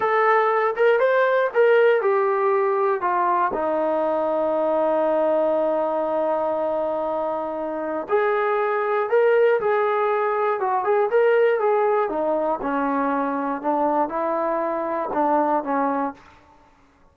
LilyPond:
\new Staff \with { instrumentName = "trombone" } { \time 4/4 \tempo 4 = 119 a'4. ais'8 c''4 ais'4 | g'2 f'4 dis'4~ | dis'1~ | dis'1 |
gis'2 ais'4 gis'4~ | gis'4 fis'8 gis'8 ais'4 gis'4 | dis'4 cis'2 d'4 | e'2 d'4 cis'4 | }